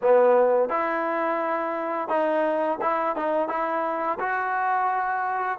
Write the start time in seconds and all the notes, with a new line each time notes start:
0.02 B3
0.68 E4
2.08 D#4
2.81 E4
3.16 D#4
3.48 E4
4.19 F#4